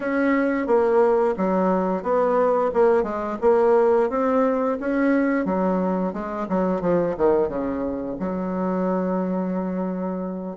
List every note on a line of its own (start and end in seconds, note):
0.00 0.66 C#4
0.66 1.35 A#3
1.37 2.02 F#3
2.02 2.71 B3
2.73 3.03 A#3
3.03 3.37 G#3
3.41 4.09 A#3
4.09 4.78 C4
4.80 5.45 C#4
5.45 6.13 F#3
6.13 6.47 G#3
6.48 6.81 F#3
6.81 7.15 F3
7.17 7.48 D#3
7.48 8.16 C#3
8.19 10.57 F#3